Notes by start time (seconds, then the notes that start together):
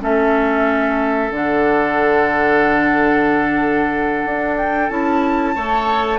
0.00 A3 C#4 A4 E5
1.30 D3 D4 F#5
4.25 D4
4.57 G5
4.89 C#4 E4 A5
5.55 A3 A4 C#5